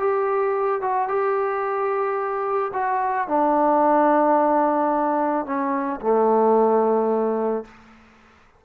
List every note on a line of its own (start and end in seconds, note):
0.00 0.82 G4
0.82 1.09 F#4
1.09 2.72 G4
2.74 3.29 F#4
3.29 5.46 D4
5.46 6.01 C#4
6.01 7.65 A3